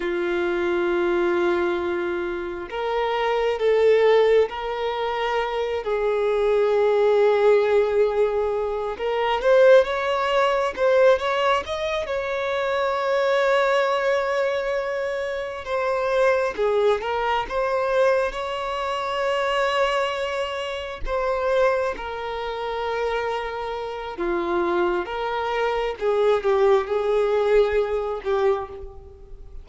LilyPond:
\new Staff \with { instrumentName = "violin" } { \time 4/4 \tempo 4 = 67 f'2. ais'4 | a'4 ais'4. gis'4.~ | gis'2 ais'8 c''8 cis''4 | c''8 cis''8 dis''8 cis''2~ cis''8~ |
cis''4. c''4 gis'8 ais'8 c''8~ | c''8 cis''2. c''8~ | c''8 ais'2~ ais'8 f'4 | ais'4 gis'8 g'8 gis'4. g'8 | }